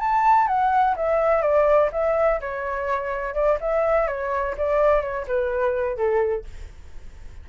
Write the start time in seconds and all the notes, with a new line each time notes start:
0.00 A5
0.47 F#5
0.96 E5
1.42 D5
1.92 E5
2.41 C#5
3.34 D5
3.61 E5
4.08 C#5
4.58 D5
5.02 C#5
5.27 B4
5.97 A4